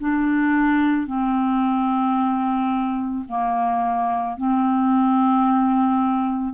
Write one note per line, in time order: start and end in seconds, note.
0.00 1.07 D4
1.07 3.25 C4
3.28 4.37 A#3
4.37 6.54 C4